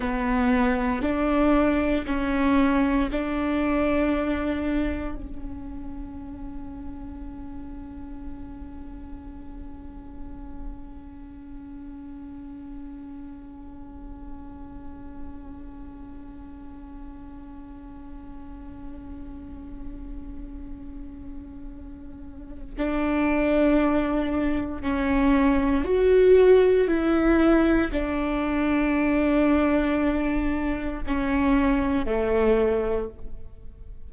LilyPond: \new Staff \with { instrumentName = "viola" } { \time 4/4 \tempo 4 = 58 b4 d'4 cis'4 d'4~ | d'4 cis'2.~ | cis'1~ | cis'1~ |
cis'1~ | cis'2 d'2 | cis'4 fis'4 e'4 d'4~ | d'2 cis'4 a4 | }